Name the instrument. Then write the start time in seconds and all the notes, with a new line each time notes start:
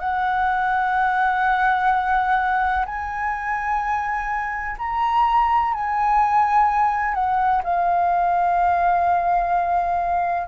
flute
0.00 F#5
2.86 G#5
4.79 A#5
5.74 G#5
7.15 F#5
7.64 F5